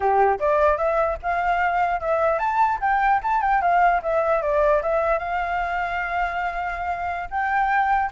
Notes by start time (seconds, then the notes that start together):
0.00 G4
0.39 D5
0.77 E5
1.22 F5
2.00 E5
2.38 A5
2.80 G5
3.22 A5
3.41 G5
3.61 F5
4.02 E5
4.42 D5
4.82 E5
5.18 F5
7.30 G5